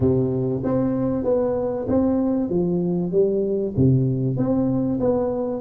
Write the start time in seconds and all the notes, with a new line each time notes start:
0.00 C3
0.64 C4
1.24 B3
1.88 C4
2.49 F3
3.11 G3
3.76 C3
4.36 C4
4.99 B3